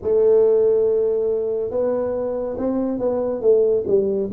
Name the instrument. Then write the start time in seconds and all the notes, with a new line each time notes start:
tuba
0.02 A3
1.70 B3
2.57 C4
2.98 B3
3.41 A3
3.86 G3